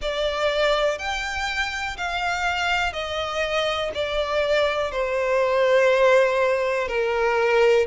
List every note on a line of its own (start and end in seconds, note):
0.01 0.98 D5
0.98 1.96 G5
1.97 2.92 F5
2.92 3.91 D#5
3.94 4.91 D5
4.91 6.88 C5
6.88 7.86 A#4